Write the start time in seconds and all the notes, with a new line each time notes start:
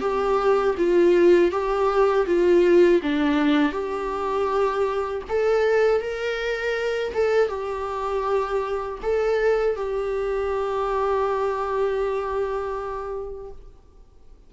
0.00 G4
0.77 F4
1.51 G4
2.26 F4
3.02 D4
3.72 G4
5.28 A4
6.00 A#4
7.14 A4
7.48 G4
9.02 A4
9.76 G4